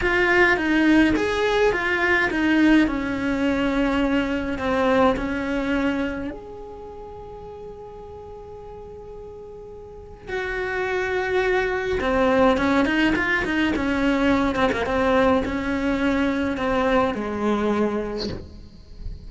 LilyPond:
\new Staff \with { instrumentName = "cello" } { \time 4/4 \tempo 4 = 105 f'4 dis'4 gis'4 f'4 | dis'4 cis'2. | c'4 cis'2 gis'4~ | gis'1~ |
gis'2 fis'2~ | fis'4 c'4 cis'8 dis'8 f'8 dis'8 | cis'4. c'16 ais16 c'4 cis'4~ | cis'4 c'4 gis2 | }